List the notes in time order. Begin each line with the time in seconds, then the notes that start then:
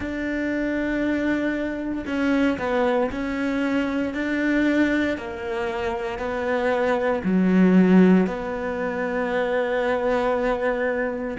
0.00 D4
2.06 C#4
2.58 B3
3.11 C#4
4.14 D4
5.17 A#3
6.18 B3
7.24 F#3
8.27 B3